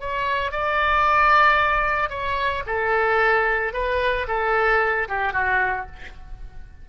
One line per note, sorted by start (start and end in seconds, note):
0.00 0.52 C#5
0.52 2.10 D5
2.10 2.63 C#5
2.66 3.73 A4
3.73 4.27 B4
4.28 5.08 A4
5.08 5.33 G4
5.33 5.87 F#4